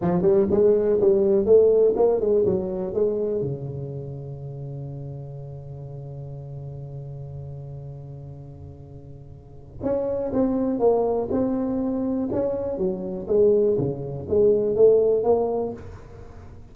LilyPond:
\new Staff \with { instrumentName = "tuba" } { \time 4/4 \tempo 4 = 122 f8 g8 gis4 g4 a4 | ais8 gis8 fis4 gis4 cis4~ | cis1~ | cis1~ |
cis1 | cis'4 c'4 ais4 c'4~ | c'4 cis'4 fis4 gis4 | cis4 gis4 a4 ais4 | }